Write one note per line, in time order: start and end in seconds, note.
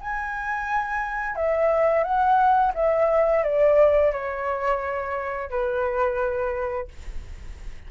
0.00 1.35 G#5
1.35 2.03 E5
2.03 2.72 F#5
2.74 3.43 E5
3.44 4.12 D5
4.12 5.50 C#5
5.50 6.87 B4